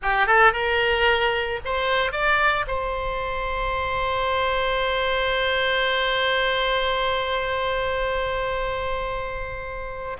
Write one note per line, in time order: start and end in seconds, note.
0.02 0.26 G4
0.26 0.52 A4
0.52 1.59 A#4
1.64 2.12 C5
2.12 2.65 D5
2.67 10.17 C5